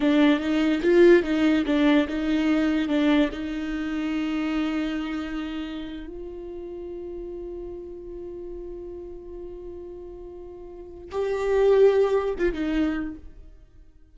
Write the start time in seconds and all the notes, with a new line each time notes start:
0.00 D4
0.39 D#4
0.82 F4
1.23 D#4
1.66 D4
2.08 D#4
2.88 D4
3.32 D#4
6.07 F4
11.11 G4
12.38 F4
12.53 D#4